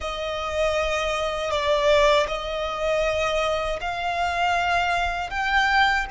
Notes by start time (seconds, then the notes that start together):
0.00 D#5
1.50 D5
2.28 D#5
3.80 F5
5.30 G5